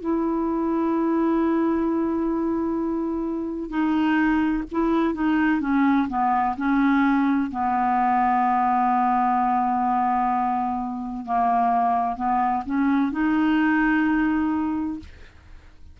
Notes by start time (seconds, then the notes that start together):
0.00 E4
3.69 D#4
4.71 E4
5.14 D#4
5.60 C#4
6.09 B3
6.57 C#4
7.51 B3
11.25 A#3
12.16 B3
12.65 C#4
13.12 D#4